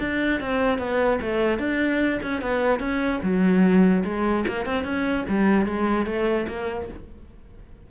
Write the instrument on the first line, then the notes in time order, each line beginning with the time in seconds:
cello
0.00 D4
0.41 C4
0.79 B3
1.21 A3
1.59 D4
2.22 C#4
2.42 B3
2.80 C#4
3.23 F#3
4.05 G#3
4.48 A#3
4.66 C4
4.84 C#4
5.29 G3
5.66 G#3
6.06 A3
6.48 A#3